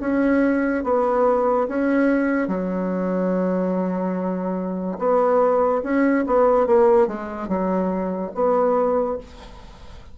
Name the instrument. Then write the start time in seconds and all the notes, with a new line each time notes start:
bassoon
0.00 C#4
0.84 B3
1.68 C#4
2.48 F#3
4.98 B3
5.83 C#4
6.26 B3
6.66 A#3
7.07 G#3
7.48 F#3
8.34 B3